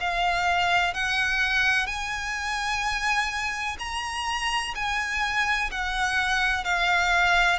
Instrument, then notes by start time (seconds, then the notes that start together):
violin
0.00 F5
0.94 F#5
1.86 G#5
3.78 A#5
4.74 G#5
5.71 F#5
6.64 F5